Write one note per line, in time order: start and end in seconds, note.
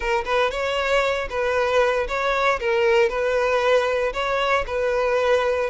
0.00 0.24 A#4
0.24 0.50 B4
0.50 1.28 C#5
1.29 2.07 B4
2.07 2.59 C#5
2.60 3.09 A#4
3.09 4.12 B4
4.13 4.64 C#5
4.66 5.70 B4